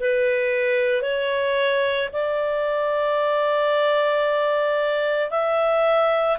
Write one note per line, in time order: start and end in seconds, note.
0.00 1.02 B4
1.02 2.09 C#5
2.13 5.30 D5
5.30 6.37 E5